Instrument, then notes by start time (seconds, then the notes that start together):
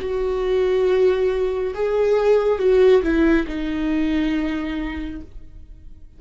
viola
0.00 F#4
1.74 G#4
2.59 F#4
3.03 E4
3.47 D#4